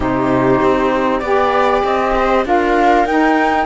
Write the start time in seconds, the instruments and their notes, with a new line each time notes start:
0.00 cello C3, saxophone D#4, viola G4, flute C5
0.61 cello C4
1.19 cello B3, saxophone G4, flute D5, viola D5
1.83 cello C4, flute D#5
2.15 viola C5
2.44 cello D4, saxophone F4, viola A#4, flute F5
3.05 cello D#4, saxophone D#4, flute G5